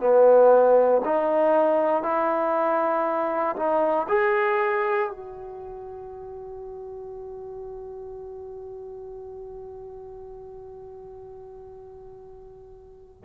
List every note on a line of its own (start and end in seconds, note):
0.00 1.02 B3
1.05 2.03 D#4
2.03 3.55 E4
3.56 4.07 D#4
4.08 5.10 G#4
5.10 13.23 F#4